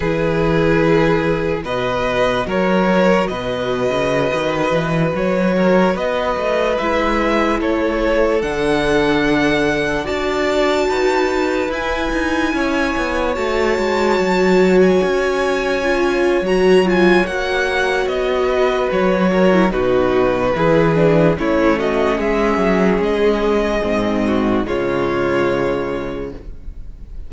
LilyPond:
<<
  \new Staff \with { instrumentName = "violin" } { \time 4/4 \tempo 4 = 73 b'2 dis''4 cis''4 | dis''2~ dis''16 cis''4 dis''8.~ | dis''16 e''4 cis''4 fis''4.~ fis''16~ | fis''16 a''2 gis''4.~ gis''16~ |
gis''16 a''4.~ a''16 gis''2 | ais''8 gis''8 fis''4 dis''4 cis''4 | b'2 cis''8 dis''8 e''4 | dis''2 cis''2 | }
  \new Staff \with { instrumentName = "violin" } { \time 4/4 gis'2 b'4 ais'4 | b'2~ b'8. ais'8 b'8.~ | b'4~ b'16 a'2~ a'8.~ | a'16 d''4 b'2 cis''8.~ |
cis''1~ | cis''2~ cis''8 b'4 ais'8 | fis'4 gis'4 e'8 fis'8 gis'4~ | gis'4. fis'8 f'2 | }
  \new Staff \with { instrumentName = "viola" } { \time 4/4 e'2 fis'2~ | fis'1~ | fis'16 e'2 d'4.~ d'16~ | d'16 fis'2 e'4.~ e'16~ |
e'16 fis'2. f'8. | fis'8 f'8 fis'2~ fis'8. e'16 | dis'4 e'8 d'8 cis'2~ | cis'4 c'4 gis2 | }
  \new Staff \with { instrumentName = "cello" } { \time 4/4 e2 b,4 fis4 | b,8. cis8 dis8 e8 fis4 b8 a16~ | a16 gis4 a4 d4.~ d16~ | d16 d'4 dis'4 e'8 dis'8 cis'8 b16~ |
b16 a8 gis8 fis4 cis'4.~ cis'16 | fis4 ais4 b4 fis4 | b,4 e4 a4 gis8 fis8 | gis4 gis,4 cis2 | }
>>